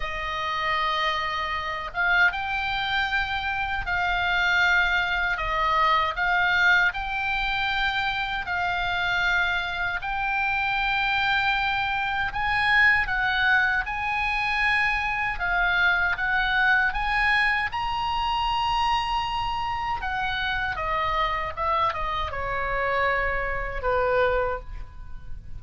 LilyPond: \new Staff \with { instrumentName = "oboe" } { \time 4/4 \tempo 4 = 78 dis''2~ dis''8 f''8 g''4~ | g''4 f''2 dis''4 | f''4 g''2 f''4~ | f''4 g''2. |
gis''4 fis''4 gis''2 | f''4 fis''4 gis''4 ais''4~ | ais''2 fis''4 dis''4 | e''8 dis''8 cis''2 b'4 | }